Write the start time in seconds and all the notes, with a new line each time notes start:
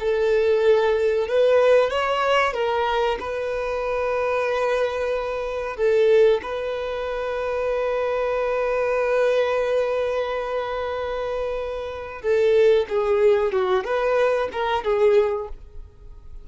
0.00 A4
1.28 B4
1.90 C#5
2.54 A#4
3.20 B4
5.77 A4
6.43 B4
12.22 A4
12.89 G#4
13.52 F#4
13.84 B4
14.52 A#4
14.84 G#4